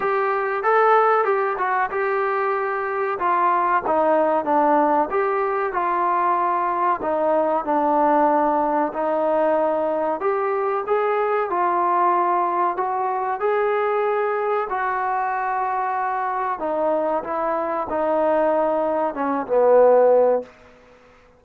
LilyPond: \new Staff \with { instrumentName = "trombone" } { \time 4/4 \tempo 4 = 94 g'4 a'4 g'8 fis'8 g'4~ | g'4 f'4 dis'4 d'4 | g'4 f'2 dis'4 | d'2 dis'2 |
g'4 gis'4 f'2 | fis'4 gis'2 fis'4~ | fis'2 dis'4 e'4 | dis'2 cis'8 b4. | }